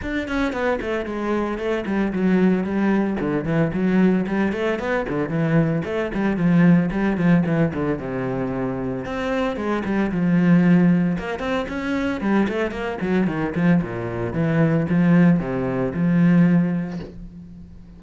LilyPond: \new Staff \with { instrumentName = "cello" } { \time 4/4 \tempo 4 = 113 d'8 cis'8 b8 a8 gis4 a8 g8 | fis4 g4 d8 e8 fis4 | g8 a8 b8 d8 e4 a8 g8 | f4 g8 f8 e8 d8 c4~ |
c4 c'4 gis8 g8 f4~ | f4 ais8 c'8 cis'4 g8 a8 | ais8 fis8 dis8 f8 ais,4 e4 | f4 c4 f2 | }